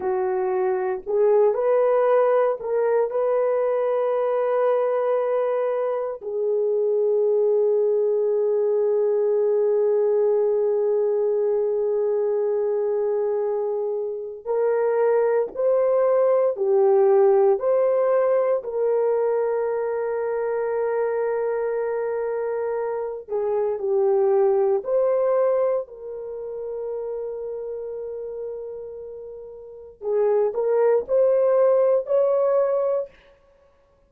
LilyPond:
\new Staff \with { instrumentName = "horn" } { \time 4/4 \tempo 4 = 58 fis'4 gis'8 b'4 ais'8 b'4~ | b'2 gis'2~ | gis'1~ | gis'2 ais'4 c''4 |
g'4 c''4 ais'2~ | ais'2~ ais'8 gis'8 g'4 | c''4 ais'2.~ | ais'4 gis'8 ais'8 c''4 cis''4 | }